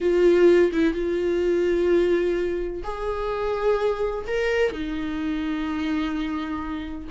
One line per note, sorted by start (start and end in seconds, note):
0.00 0.71 F4
0.72 0.93 E4
0.93 2.82 F4
2.83 4.25 G#4
4.27 4.72 A#4
4.72 7.08 D#4